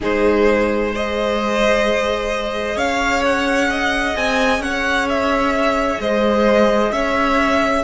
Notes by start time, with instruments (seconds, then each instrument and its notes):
0.00 cello G#3, viola D#4, violin G#4 C5
0.91 viola G#4, violin C5 D#5
2.75 cello C#4, violin C#5 F5
3.24 violin F#5
3.70 violin D#5
4.16 cello C4, violin G#5
4.58 cello C#4, violin C#5 F#5
5.08 violin E5
5.99 cello G#3, violin C5 D#5
6.92 cello C#4, violin C#5 E5